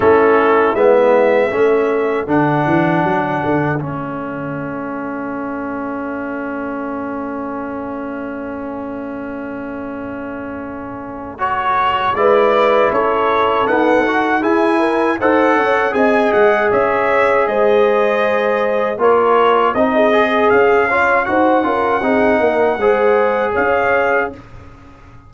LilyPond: <<
  \new Staff \with { instrumentName = "trumpet" } { \time 4/4 \tempo 4 = 79 a'4 e''2 fis''4~ | fis''4 e''2.~ | e''1~ | e''2. cis''4 |
d''4 cis''4 fis''4 gis''4 | fis''4 gis''8 fis''8 e''4 dis''4~ | dis''4 cis''4 dis''4 f''4 | fis''2. f''4 | }
  \new Staff \with { instrumentName = "horn" } { \time 4/4 e'2 a'2~ | a'1~ | a'1~ | a'1 |
b'4 a'2 gis'8 ais'8 | c''8 cis''8 dis''4 cis''4 c''4~ | c''4 ais'4 dis''16 gis'4~ gis'16 cis''8 | c''8 ais'8 gis'8 ais'8 c''4 cis''4 | }
  \new Staff \with { instrumentName = "trombone" } { \time 4/4 cis'4 b4 cis'4 d'4~ | d'4 cis'2.~ | cis'1~ | cis'2. fis'4 |
e'2 b8 fis'8 e'4 | a'4 gis'2.~ | gis'4 f'4 dis'8 gis'4 f'8 | fis'8 f'8 dis'4 gis'2 | }
  \new Staff \with { instrumentName = "tuba" } { \time 4/4 a4 gis4 a4 d8 e8 | fis8 d8 a2.~ | a1~ | a1 |
gis4 cis'4 dis'4 e'4 | dis'8 cis'8 c'8 gis8 cis'4 gis4~ | gis4 ais4 c'4 cis'4 | dis'8 cis'8 c'8 ais8 gis4 cis'4 | }
>>